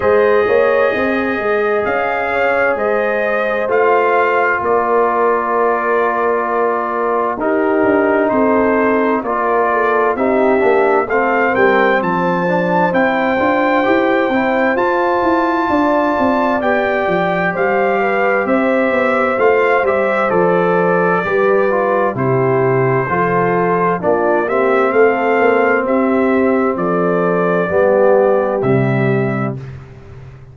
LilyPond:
<<
  \new Staff \with { instrumentName = "trumpet" } { \time 4/4 \tempo 4 = 65 dis''2 f''4 dis''4 | f''4 d''2. | ais'4 c''4 d''4 e''4 | f''8 g''8 a''4 g''2 |
a''2 g''4 f''4 | e''4 f''8 e''8 d''2 | c''2 d''8 e''8 f''4 | e''4 d''2 e''4 | }
  \new Staff \with { instrumentName = "horn" } { \time 4/4 c''8 cis''8 dis''4. cis''8 c''4~ | c''4 ais'2. | g'4 a'4 ais'8 a'8 g'4 | a'8 ais'8 c''2.~ |
c''4 d''2 c''8 b'8 | c''2. b'4 | g'4 a'4 f'8 g'8 a'4 | g'4 a'4 g'2 | }
  \new Staff \with { instrumentName = "trombone" } { \time 4/4 gis'1 | f'1 | dis'2 f'4 dis'8 d'8 | c'4. d'8 e'8 f'8 g'8 e'8 |
f'2 g'2~ | g'4 f'8 g'8 a'4 g'8 f'8 | e'4 f'4 d'8 c'4.~ | c'2 b4 g4 | }
  \new Staff \with { instrumentName = "tuba" } { \time 4/4 gis8 ais8 c'8 gis8 cis'4 gis4 | a4 ais2. | dis'8 d'8 c'4 ais4 c'8 ais8 | a8 g8 f4 c'8 d'8 e'8 c'8 |
f'8 e'8 d'8 c'8 b8 f8 g4 | c'8 b8 a8 g8 f4 g4 | c4 f4 ais4 a8 ais8 | c'4 f4 g4 c4 | }
>>